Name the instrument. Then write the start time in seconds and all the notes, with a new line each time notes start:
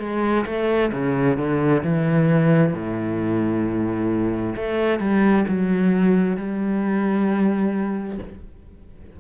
cello
0.00 G#3
0.46 A3
0.93 C#3
1.38 D3
1.84 E3
2.74 A2
4.56 A3
5.00 G3
5.48 F#3
6.37 G3